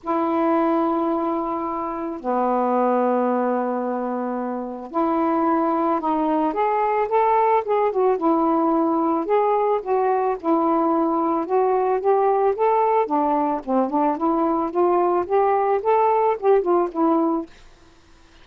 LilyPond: \new Staff \with { instrumentName = "saxophone" } { \time 4/4 \tempo 4 = 110 e'1 | b1~ | b4 e'2 dis'4 | gis'4 a'4 gis'8 fis'8 e'4~ |
e'4 gis'4 fis'4 e'4~ | e'4 fis'4 g'4 a'4 | d'4 c'8 d'8 e'4 f'4 | g'4 a'4 g'8 f'8 e'4 | }